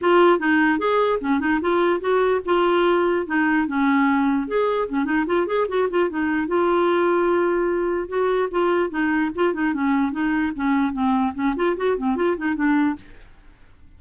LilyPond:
\new Staff \with { instrumentName = "clarinet" } { \time 4/4 \tempo 4 = 148 f'4 dis'4 gis'4 cis'8 dis'8 | f'4 fis'4 f'2 | dis'4 cis'2 gis'4 | cis'8 dis'8 f'8 gis'8 fis'8 f'8 dis'4 |
f'1 | fis'4 f'4 dis'4 f'8 dis'8 | cis'4 dis'4 cis'4 c'4 | cis'8 f'8 fis'8 c'8 f'8 dis'8 d'4 | }